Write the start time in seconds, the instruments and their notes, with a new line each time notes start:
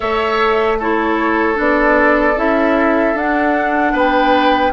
0.00 bassoon A3, clarinet A4, oboe C#5, flute E5
0.78 clarinet E4, oboe A4, flute C#5
1.54 bassoon B3, clarinet D4, flute D5
2.36 bassoon C#4, clarinet E4, flute E5
3.14 bassoon D4, clarinet D4, flute F#5
3.93 bassoon B3, oboe B4, flute G5